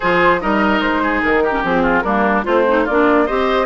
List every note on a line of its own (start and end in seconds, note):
0.00 0.43 F3
0.00 0.40 F4
0.00 0.40 G#4
0.00 0.40 C5
0.40 0.81 G3
0.40 1.52 D#4
0.40 1.02 A#4
0.40 0.81 D#5
0.81 1.21 G#3
0.81 1.22 C5
1.02 1.43 G#4
1.23 1.63 D#3
1.23 1.64 A#4
1.43 1.82 G4
1.52 1.62 C#4
1.63 2.03 F3
1.63 2.05 C4
1.63 2.01 G#4
1.82 2.03 F4
2.01 2.44 G3
2.01 2.43 A#3
2.01 2.44 D4
2.01 2.42 A#4
2.43 2.86 A3
2.43 2.83 C4
2.43 2.64 F4
2.43 2.86 C5
2.67 2.87 D#4
2.83 3.29 A#3
2.83 3.24 F4
2.83 3.27 D5
2.90 3.28 D4
3.26 3.66 C4
3.26 3.66 G4
3.26 3.66 C5
3.26 3.66 D#5